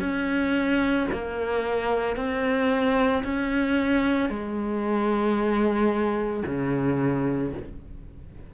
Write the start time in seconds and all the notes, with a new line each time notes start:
0.00 C#4
1.12 A#3
2.17 C4
3.24 C#4
4.30 G#3
6.46 C#3